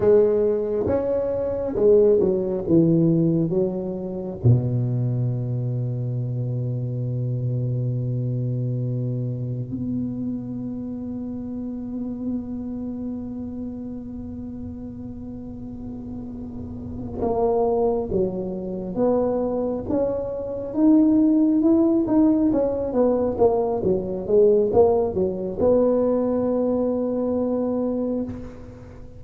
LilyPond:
\new Staff \with { instrumentName = "tuba" } { \time 4/4 \tempo 4 = 68 gis4 cis'4 gis8 fis8 e4 | fis4 b,2.~ | b,2. b4~ | b1~ |
b2.~ b8 ais8~ | ais8 fis4 b4 cis'4 dis'8~ | dis'8 e'8 dis'8 cis'8 b8 ais8 fis8 gis8 | ais8 fis8 b2. | }